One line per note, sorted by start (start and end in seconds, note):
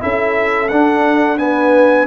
0.00 0.71 C#4
0.00 0.69 E4
0.00 1.40 A4
0.00 0.68 E5
0.68 2.07 D4
0.68 1.38 D4
0.68 1.37 F#5
1.38 2.07 B3
1.38 2.07 B4
1.38 2.07 G#5